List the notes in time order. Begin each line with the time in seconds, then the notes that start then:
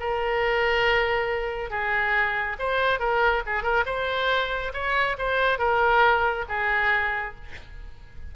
0.00 A#4
1.70 G#4
2.59 C5
3.00 A#4
3.46 G#4
3.63 A#4
3.86 C5
4.73 C#5
5.18 C5
5.59 A#4
6.49 G#4